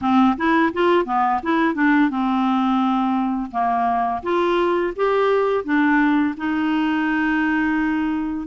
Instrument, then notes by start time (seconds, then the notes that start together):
clarinet
0.01 C4
0.37 E4
0.73 F4
1.05 B3
1.42 E4
1.74 D4
2.10 C4
3.51 A#3
4.23 F4
4.96 G4
5.64 D4
6.37 D#4